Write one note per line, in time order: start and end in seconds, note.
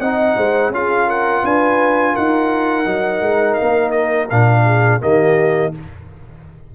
0.00 0.36 C4
0.00 0.73 D#4
0.00 0.36 D#5
0.00 0.72 F#5
0.37 0.69 G#3
0.37 0.72 C5
0.69 1.41 C#4
0.69 2.86 F4
0.69 1.07 G#4
0.69 1.10 F5
1.07 1.43 A#4
1.07 1.46 F#5
1.43 2.15 D4
1.43 2.13 B4
1.43 2.16 G#5
2.13 2.86 D#4
2.13 4.63 A#4
2.13 3.54 F#5
2.86 3.21 F#3
2.86 4.28 D#4
3.21 3.57 G#3
3.54 3.90 F5
3.61 4.31 A#3
3.91 4.27 D#5
4.30 5.03 A#2
4.30 5.00 D4
4.30 5.01 F5
4.65 5.00 G#4
5.00 5.75 D#3
5.00 5.72 A#3
5.00 5.73 G4
5.00 5.74 D#5